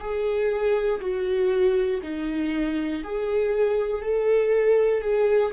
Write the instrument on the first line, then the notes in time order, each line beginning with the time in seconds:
viola
0.00 G#4
1.00 F#4
2.03 D#4
3.03 G#4
4.02 A4
5.01 G#4